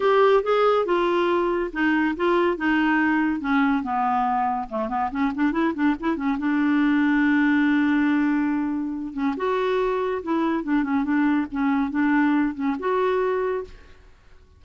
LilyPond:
\new Staff \with { instrumentName = "clarinet" } { \time 4/4 \tempo 4 = 141 g'4 gis'4 f'2 | dis'4 f'4 dis'2 | cis'4 b2 a8 b8 | cis'8 d'8 e'8 d'8 e'8 cis'8 d'4~ |
d'1~ | d'4. cis'8 fis'2 | e'4 d'8 cis'8 d'4 cis'4 | d'4. cis'8 fis'2 | }